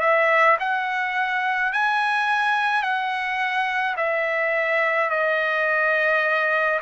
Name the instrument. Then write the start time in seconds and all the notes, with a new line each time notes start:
trumpet
0.00 E5
0.59 F#5
1.72 G#5
2.82 F#5
3.96 E5
5.10 D#5